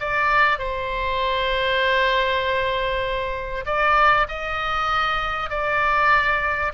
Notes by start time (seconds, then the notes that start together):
0.00 D5
0.59 C5
3.66 D5
4.29 D#5
5.50 D5